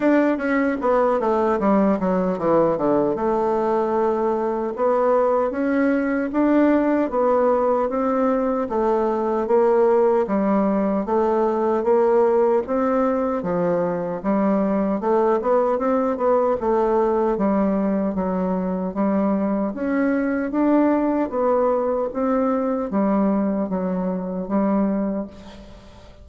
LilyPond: \new Staff \with { instrumentName = "bassoon" } { \time 4/4 \tempo 4 = 76 d'8 cis'8 b8 a8 g8 fis8 e8 d8 | a2 b4 cis'4 | d'4 b4 c'4 a4 | ais4 g4 a4 ais4 |
c'4 f4 g4 a8 b8 | c'8 b8 a4 g4 fis4 | g4 cis'4 d'4 b4 | c'4 g4 fis4 g4 | }